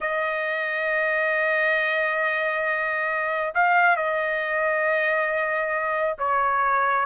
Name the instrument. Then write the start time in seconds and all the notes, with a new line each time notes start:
trumpet
0.00 D#5
3.54 F5
3.96 D#5
6.18 C#5